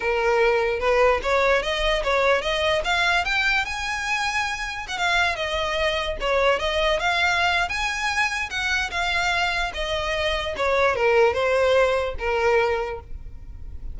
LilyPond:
\new Staff \with { instrumentName = "violin" } { \time 4/4 \tempo 4 = 148 ais'2 b'4 cis''4 | dis''4 cis''4 dis''4 f''4 | g''4 gis''2. | fis''16 f''4 dis''2 cis''8.~ |
cis''16 dis''4 f''4.~ f''16 gis''4~ | gis''4 fis''4 f''2 | dis''2 cis''4 ais'4 | c''2 ais'2 | }